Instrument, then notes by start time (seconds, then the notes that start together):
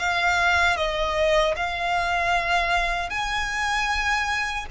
violin
0.00 F5
0.77 D#5
1.57 F5
3.10 G#5